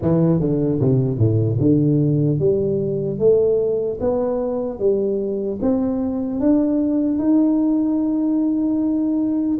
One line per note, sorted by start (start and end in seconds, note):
0.02 0.40 E3
0.40 0.80 D3
0.80 1.17 C3
1.17 1.57 A2
1.60 2.39 D3
2.39 3.19 G3
3.19 3.99 A3
4.00 4.79 B3
4.79 5.59 G3
5.61 6.40 C4
6.40 7.18 D4
7.18 9.58 D#4